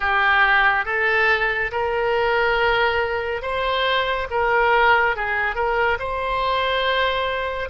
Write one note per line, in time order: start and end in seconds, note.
0.00 0.85 G4
0.85 1.71 A4
1.71 3.42 A#4
3.42 4.27 C5
4.30 5.15 A#4
5.15 5.55 G#4
5.55 5.98 A#4
5.99 7.69 C5